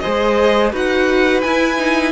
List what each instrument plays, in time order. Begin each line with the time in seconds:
0.00 viola G#4, violin C5 D#5
0.06 cello G#3
0.72 cello D#4, viola F#4, violin B4 F#5
1.42 cello E4, viola E4, violin G#5
1.78 viola D#4